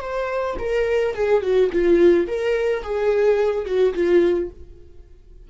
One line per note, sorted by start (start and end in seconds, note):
0.00 0.56 C5
0.59 1.14 A#4
1.14 1.42 G#4
1.42 1.70 F#4
1.72 2.27 F4
2.27 2.82 A#4
2.82 3.65 G#4
3.65 3.93 F#4
3.94 4.50 F4